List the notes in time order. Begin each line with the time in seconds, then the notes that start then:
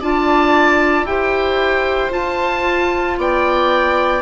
0.00 D4 F4 D5 A5
1.03 E4 G4 C5 G5
2.09 F4 A5
3.17 B3 D5 G5